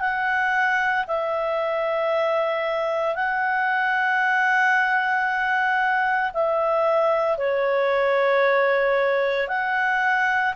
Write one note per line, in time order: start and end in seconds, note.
0.00 1.05 F#5
1.07 3.15 E5
3.15 6.31 F#5
6.33 7.37 E5
7.37 9.48 C#5
9.48 10.54 F#5